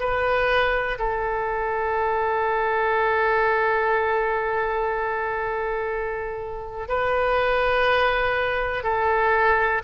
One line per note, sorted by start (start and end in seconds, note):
0.00 0.98 B4
0.99 6.89 A4
6.89 8.84 B4
8.84 9.82 A4